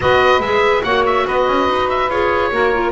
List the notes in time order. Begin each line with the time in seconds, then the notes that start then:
0.00 B3 F#4 B4 D#5
0.39 G#3 G#4 E5
0.83 A#3 F#4 C#5 F#5
1.06 E5
1.26 B3 B4 D#5
1.47 C#4
1.68 D#4
1.89 E5
2.08 F4 G#4 C#5
2.51 A#3 F#4 A#4
2.73 F4